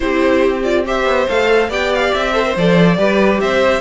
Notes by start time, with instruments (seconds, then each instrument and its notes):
0.00 cello C4, viola E4, violin G4 C5
0.63 viola F4, violin D5
0.85 viola G4, violin C5 E5
1.05 cello B3
1.28 cello A3, viola A4, violin F5
1.68 cello B3, viola G4, violin D5 G5
1.93 violin F5
2.13 cello C4, violin E5
2.33 viola A4, violin C5
2.44 viola A#4
2.55 cello F3, viola A4, violin D5
2.97 cello G3, viola G4, violin B4
3.40 cello C4, violin C5 E5